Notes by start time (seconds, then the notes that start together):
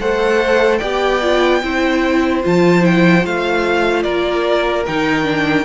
0.00 A3 A4 C5 F#5
0.78 B3 G4 D5 G5
1.22 F4
1.63 C4 E4 C5
2.44 F3 F4 A5
2.81 E4 G5
3.22 A3 F4 F5
4.03 A#3 A#4 D5
4.87 D#3 D#4 G5
5.24 D4